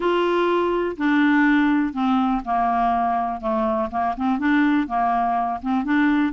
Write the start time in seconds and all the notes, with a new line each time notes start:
0.00 F4
0.97 D4
1.93 C4
2.44 A#3
3.41 A3
3.90 A#3
4.16 C4
4.38 D4
4.87 A#3
5.62 C4
5.84 D4